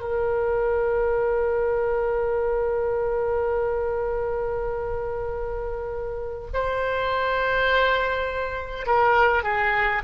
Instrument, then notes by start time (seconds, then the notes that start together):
oboe
0.00 A#4
6.53 C5
8.86 A#4
9.43 G#4